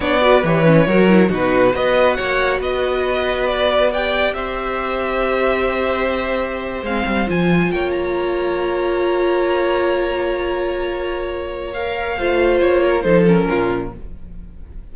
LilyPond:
<<
  \new Staff \with { instrumentName = "violin" } { \time 4/4 \tempo 4 = 138 d''4 cis''2 b'4 | dis''4 fis''4 dis''2 | d''4 g''4 e''2~ | e''2.~ e''8. f''16~ |
f''8. gis''4 g''8 ais''4.~ ais''16~ | ais''1~ | ais''2. f''4~ | f''4 cis''4 c''8 ais'4. | }
  \new Staff \with { instrumentName = "violin" } { \time 4/4 cis''8 b'4. ais'4 fis'4 | b'4 cis''4 b'2~ | b'4 d''4 c''2~ | c''1~ |
c''4.~ c''16 cis''2~ cis''16~ | cis''1~ | cis''1 | c''4. ais'8 a'4 f'4 | }
  \new Staff \with { instrumentName = "viola" } { \time 4/4 d'8 fis'8 g'8 cis'8 fis'8 e'8 dis'4 | fis'1~ | fis'4 g'2.~ | g'2.~ g'8. c'16~ |
c'8. f'2.~ f'16~ | f'1~ | f'2. ais'4 | f'2 dis'8 cis'4. | }
  \new Staff \with { instrumentName = "cello" } { \time 4/4 b4 e4 fis4 b,4 | b4 ais4 b2~ | b2 c'2~ | c'2.~ c'8. gis16~ |
gis16 g8 f4 ais2~ ais16~ | ais1~ | ais1 | a4 ais4 f4 ais,4 | }
>>